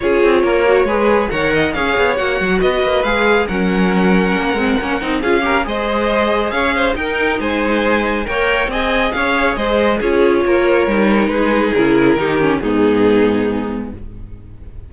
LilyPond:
<<
  \new Staff \with { instrumentName = "violin" } { \time 4/4 \tempo 4 = 138 cis''2. fis''4 | f''4 fis''4 dis''4 f''4 | fis''1 | f''4 dis''2 f''4 |
g''4 gis''2 g''4 | gis''4 f''4 dis''4 cis''4~ | cis''2 b'4 ais'4~ | ais'4 gis'2. | }
  \new Staff \with { instrumentName = "violin" } { \time 4/4 gis'4 ais'4 b'4 cis''8 dis''8 | cis''2 b'2 | ais'1 | gis'8 ais'8 c''2 cis''8 c''8 |
ais'4 c''2 cis''4 | dis''4 cis''4 c''4 gis'4 | ais'2 gis'2 | g'4 dis'2. | }
  \new Staff \with { instrumentName = "viola" } { \time 4/4 f'4. fis'8 gis'4 ais'4 | gis'4 fis'2 gis'4 | cis'2~ cis'8 c'8 cis'8 dis'8 | f'8 g'8 gis'2. |
dis'2. ais'4 | gis'2. f'4~ | f'4 dis'2 e'4 | dis'8 cis'8 b2. | }
  \new Staff \with { instrumentName = "cello" } { \time 4/4 cis'8 c'8 ais4 gis4 dis4 | cis'8 b8 ais8 fis8 b8 ais8 gis4 | fis2 ais8 gis8 ais8 c'8 | cis'4 gis2 cis'4 |
dis'4 gis2 ais4 | c'4 cis'4 gis4 cis'4 | ais4 g4 gis4 cis4 | dis4 gis,2. | }
>>